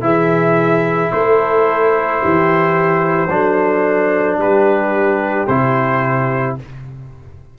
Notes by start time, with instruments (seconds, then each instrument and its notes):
0.00 tuba E3, trombone E4, horn G#4, trumpet E5
1.12 tuba A3, horn A4, trumpet C5
2.21 tuba E3, horn G4
3.28 tuba F#3, trombone D4, horn A4
4.37 tuba G3, horn G4, trumpet B4
5.47 tuba C3, trombone E4, trumpet C5